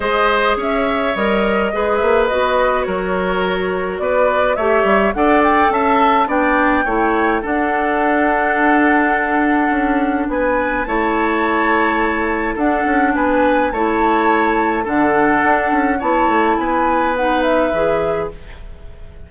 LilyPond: <<
  \new Staff \with { instrumentName = "flute" } { \time 4/4 \tempo 4 = 105 dis''4 e''4 dis''4. e''8 | dis''4 cis''2 d''4 | e''4 fis''8 g''8 a''4 g''4~ | g''4 fis''2.~ |
fis''2 gis''4 a''4~ | a''2 fis''4 gis''4 | a''2 fis''2 | a''4 gis''4 fis''8 e''4. | }
  \new Staff \with { instrumentName = "oboe" } { \time 4/4 c''4 cis''2 b'4~ | b'4 ais'2 b'4 | cis''4 d''4 e''4 d''4 | cis''4 a'2.~ |
a'2 b'4 cis''4~ | cis''2 a'4 b'4 | cis''2 a'2 | cis''4 b'2. | }
  \new Staff \with { instrumentName = "clarinet" } { \time 4/4 gis'2 ais'4 gis'4 | fis'1 | g'4 a'2 d'4 | e'4 d'2.~ |
d'2. e'4~ | e'2 d'2 | e'2 d'2 | e'2 dis'4 gis'4 | }
  \new Staff \with { instrumentName = "bassoon" } { \time 4/4 gis4 cis'4 g4 gis8 ais8 | b4 fis2 b4 | a8 g8 d'4 cis'4 b4 | a4 d'2.~ |
d'4 cis'4 b4 a4~ | a2 d'8 cis'8 b4 | a2 d4 d'8 cis'8 | b8 a8 b2 e4 | }
>>